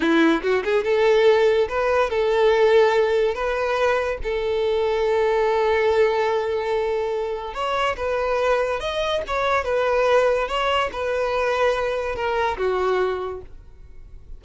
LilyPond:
\new Staff \with { instrumentName = "violin" } { \time 4/4 \tempo 4 = 143 e'4 fis'8 gis'8 a'2 | b'4 a'2. | b'2 a'2~ | a'1~ |
a'2 cis''4 b'4~ | b'4 dis''4 cis''4 b'4~ | b'4 cis''4 b'2~ | b'4 ais'4 fis'2 | }